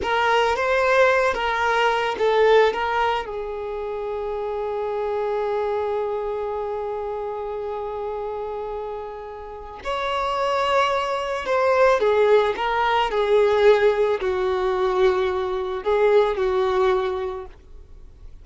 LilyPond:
\new Staff \with { instrumentName = "violin" } { \time 4/4 \tempo 4 = 110 ais'4 c''4. ais'4. | a'4 ais'4 gis'2~ | gis'1~ | gis'1~ |
gis'2 cis''2~ | cis''4 c''4 gis'4 ais'4 | gis'2 fis'2~ | fis'4 gis'4 fis'2 | }